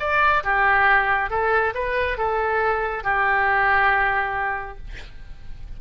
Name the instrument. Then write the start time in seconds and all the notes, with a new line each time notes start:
oboe
0.00 D5
0.44 G4
1.30 A4
1.75 B4
2.18 A4
3.04 G4